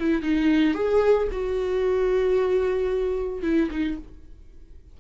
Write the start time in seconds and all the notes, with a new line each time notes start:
0.00 E4
0.23 D#4
0.75 G#4
1.32 F#4
3.43 E4
3.71 D#4